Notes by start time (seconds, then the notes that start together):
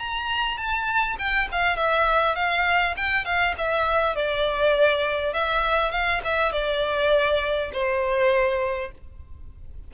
0.00 A#5
0.58 A5
1.19 G5
1.52 F5
1.77 E5
2.36 F5
2.97 G5
3.25 F5
3.58 E5
4.16 D5
5.34 E5
5.92 F5
6.25 E5
6.52 D5
7.73 C5